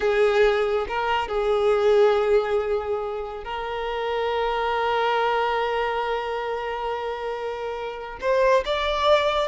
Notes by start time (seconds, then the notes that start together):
0.00 G#4
0.88 A#4
1.28 G#4
3.44 A#4
8.20 C5
8.65 D5